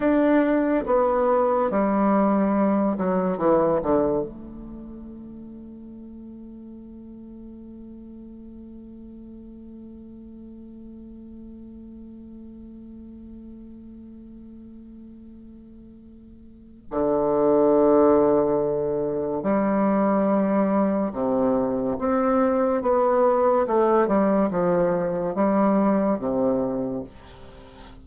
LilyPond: \new Staff \with { instrumentName = "bassoon" } { \time 4/4 \tempo 4 = 71 d'4 b4 g4. fis8 | e8 d8 a2.~ | a1~ | a1~ |
a1 | d2. g4~ | g4 c4 c'4 b4 | a8 g8 f4 g4 c4 | }